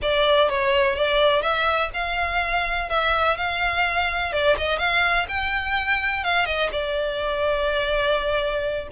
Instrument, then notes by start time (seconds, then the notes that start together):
violin
0.02 D5
0.49 C#5
0.95 D5
1.42 E5
1.93 F5
2.89 E5
3.36 F5
4.32 D5
4.57 D#5
4.78 F5
5.28 G5
6.24 F5
6.45 D#5
6.72 D5